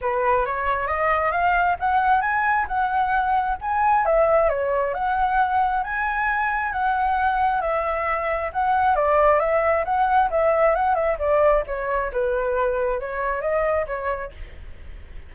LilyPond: \new Staff \with { instrumentName = "flute" } { \time 4/4 \tempo 4 = 134 b'4 cis''4 dis''4 f''4 | fis''4 gis''4 fis''2 | gis''4 e''4 cis''4 fis''4~ | fis''4 gis''2 fis''4~ |
fis''4 e''2 fis''4 | d''4 e''4 fis''4 e''4 | fis''8 e''8 d''4 cis''4 b'4~ | b'4 cis''4 dis''4 cis''4 | }